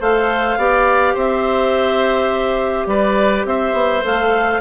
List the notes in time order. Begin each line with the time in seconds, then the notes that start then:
0.00 A3 A4 C5 F5
0.58 B3 G4 D5
1.15 C4 C5 E5
2.87 G3 B4 D5
3.45 C4 C5 E5
3.74 B3
4.02 A3 A4 F5